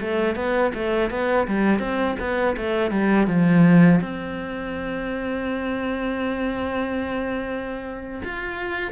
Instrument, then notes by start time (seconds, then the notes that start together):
cello
0.00 A3
0.35 B3
0.74 A3
1.10 B3
1.47 G3
1.79 C4
2.19 B3
2.56 A3
2.90 G3
3.27 F3
4.01 C4
8.24 F4